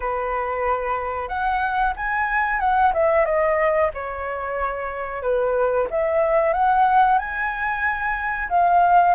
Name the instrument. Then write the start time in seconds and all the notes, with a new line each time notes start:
flute
0.00 B4
1.28 F#5
1.96 G#5
2.60 F#5
2.93 E5
3.25 D#5
3.94 C#5
5.22 B4
5.90 E5
6.53 F#5
7.18 G#5
8.49 F5